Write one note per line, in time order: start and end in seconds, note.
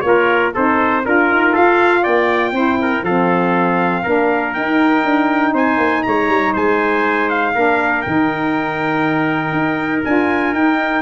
0.00 0.52 A#3
0.00 0.52 F4
0.00 0.50 C#5
0.07 0.53 A#4
0.53 1.06 C4
0.53 1.04 D#4
0.53 1.03 A4
0.53 1.05 C5
1.04 1.31 D4
1.04 2.54 F4
1.04 1.52 A#4
1.04 1.55 A#4
1.31 1.56 D#4
1.52 2.06 F4
1.52 2.02 A4
1.52 2.04 F5
2.02 2.52 A#3
2.02 2.52 D5
2.02 3.04 G5
2.52 3.02 C4
2.52 3.04 E4
2.52 2.80 C5
2.81 3.04 A#4
3.02 4.02 F3
3.02 4.05 C4
3.02 4.02 A4
3.02 4.53 F5
4.02 4.56 A#3
4.02 4.54 D4
4.02 5.52 A#4
4.53 7.54 D#4
4.53 5.04 D#4
4.53 5.53 G5
5.04 5.53 D4
5.53 5.77 C4
5.53 6.03 C5
5.53 6.03 G#5
5.77 6.02 A#3
6.03 6.28 G#3
6.03 6.53 C#5
6.03 6.52 A#5
6.28 6.53 G3
6.53 7.54 G#3
6.53 7.53 C5
6.53 7.29 G#5
7.29 8.01 F5
7.54 8.04 A#3
7.54 8.04 D4
7.54 11.02 A#4
8.01 9.52 D#3
8.01 10.04 D#4
8.01 10.01 G5
9.52 10.02 D#4
10.04 10.52 D4
10.04 10.54 F4
10.04 10.54 G#5
10.52 11.02 D#4
10.52 11.02 G5